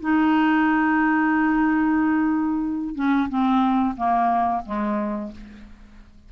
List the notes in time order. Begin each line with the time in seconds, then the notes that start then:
0.00 D#4
2.96 C#4
3.29 C4
3.97 A#3
4.66 G#3